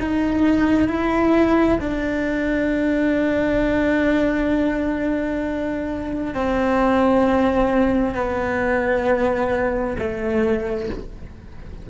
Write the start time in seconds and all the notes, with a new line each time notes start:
0.00 D#4
0.88 E4
1.80 D4
6.34 C4
8.14 B3
9.98 A3